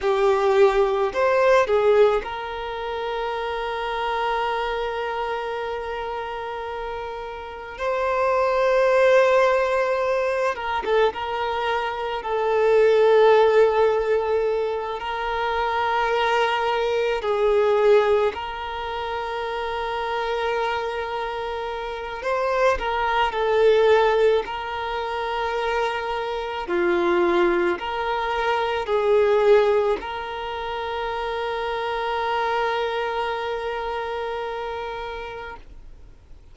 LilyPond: \new Staff \with { instrumentName = "violin" } { \time 4/4 \tempo 4 = 54 g'4 c''8 gis'8 ais'2~ | ais'2. c''4~ | c''4. ais'16 a'16 ais'4 a'4~ | a'4. ais'2 gis'8~ |
gis'8 ais'2.~ ais'8 | c''8 ais'8 a'4 ais'2 | f'4 ais'4 gis'4 ais'4~ | ais'1 | }